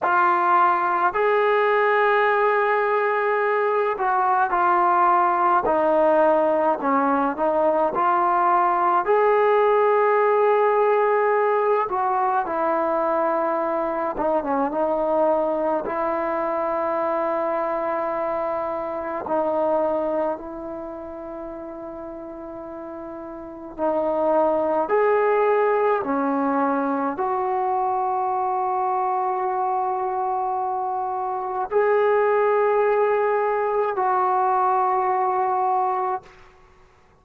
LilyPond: \new Staff \with { instrumentName = "trombone" } { \time 4/4 \tempo 4 = 53 f'4 gis'2~ gis'8 fis'8 | f'4 dis'4 cis'8 dis'8 f'4 | gis'2~ gis'8 fis'8 e'4~ | e'8 dis'16 cis'16 dis'4 e'2~ |
e'4 dis'4 e'2~ | e'4 dis'4 gis'4 cis'4 | fis'1 | gis'2 fis'2 | }